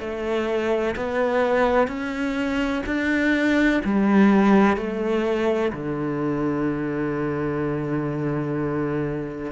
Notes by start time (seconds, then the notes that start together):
0.00 A3
0.96 B3
1.87 C#4
2.86 D4
3.84 G3
4.77 A3
5.72 D3